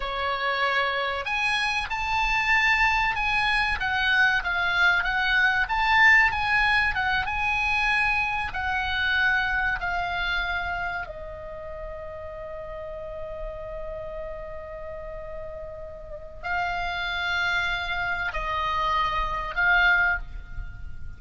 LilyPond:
\new Staff \with { instrumentName = "oboe" } { \time 4/4 \tempo 4 = 95 cis''2 gis''4 a''4~ | a''4 gis''4 fis''4 f''4 | fis''4 a''4 gis''4 fis''8 gis''8~ | gis''4. fis''2 f''8~ |
f''4. dis''2~ dis''8~ | dis''1~ | dis''2 f''2~ | f''4 dis''2 f''4 | }